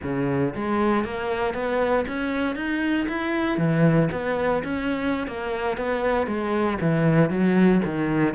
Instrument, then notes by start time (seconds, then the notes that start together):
cello
0.03 C#3
0.55 G#3
1.04 A#3
1.54 B3
2.07 C#4
2.55 D#4
3.08 E4
3.57 E3
4.11 B3
4.63 C#4
5.27 A#3
5.77 B3
6.26 G#3
6.80 E3
7.29 F#3
7.84 D#3